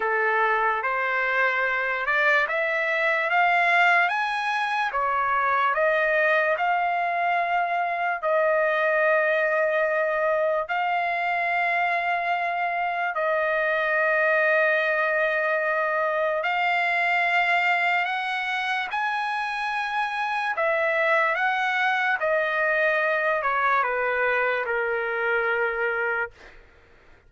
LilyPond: \new Staff \with { instrumentName = "trumpet" } { \time 4/4 \tempo 4 = 73 a'4 c''4. d''8 e''4 | f''4 gis''4 cis''4 dis''4 | f''2 dis''2~ | dis''4 f''2. |
dis''1 | f''2 fis''4 gis''4~ | gis''4 e''4 fis''4 dis''4~ | dis''8 cis''8 b'4 ais'2 | }